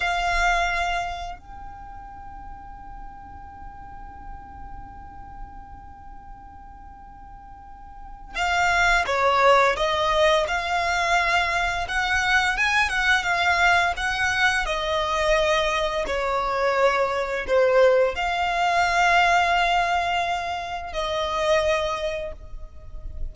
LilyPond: \new Staff \with { instrumentName = "violin" } { \time 4/4 \tempo 4 = 86 f''2 g''2~ | g''1~ | g''1 | f''4 cis''4 dis''4 f''4~ |
f''4 fis''4 gis''8 fis''8 f''4 | fis''4 dis''2 cis''4~ | cis''4 c''4 f''2~ | f''2 dis''2 | }